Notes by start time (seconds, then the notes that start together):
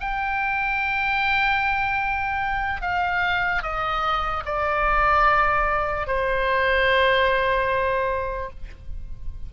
0.00 G5
2.82 F5
3.62 D#5
4.45 D5
6.07 C5